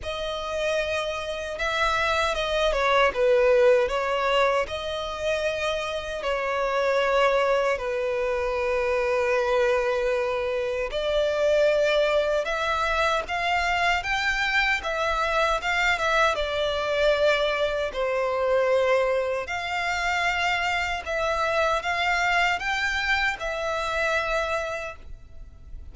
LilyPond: \new Staff \with { instrumentName = "violin" } { \time 4/4 \tempo 4 = 77 dis''2 e''4 dis''8 cis''8 | b'4 cis''4 dis''2 | cis''2 b'2~ | b'2 d''2 |
e''4 f''4 g''4 e''4 | f''8 e''8 d''2 c''4~ | c''4 f''2 e''4 | f''4 g''4 e''2 | }